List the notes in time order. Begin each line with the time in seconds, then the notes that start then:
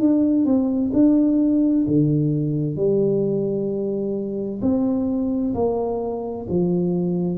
0.00 D4
0.45 C4
0.93 D4
1.88 D3
2.76 G3
4.62 C4
5.54 A#3
6.49 F3